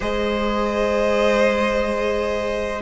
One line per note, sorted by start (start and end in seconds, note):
0.00 2.81 G#3
0.00 2.81 G#4
0.00 2.81 C5
0.00 2.81 D#5